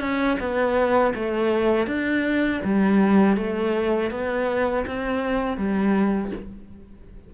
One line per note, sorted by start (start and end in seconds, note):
0.00 0.37 C#4
0.39 1.13 B3
1.14 1.87 A3
1.87 2.61 D4
2.64 3.36 G3
3.36 4.10 A3
4.10 4.85 B3
4.87 5.57 C4
5.57 6.31 G3